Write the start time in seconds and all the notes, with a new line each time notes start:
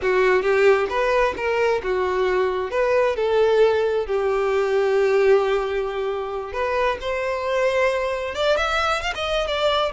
0.02 F#4
0.42 G4
0.89 B4
1.36 A#4
1.83 F#4
2.70 B4
3.16 A4
4.06 G4
6.52 B4
7.00 C5
8.34 D5
8.57 E5
9.02 F5
9.15 D#5
9.47 D5